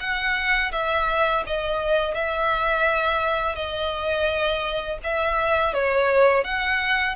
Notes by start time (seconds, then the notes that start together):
0.00 F#5
0.72 E5
1.46 D#5
2.14 E5
3.55 D#5
5.04 E5
5.73 C#5
6.44 F#5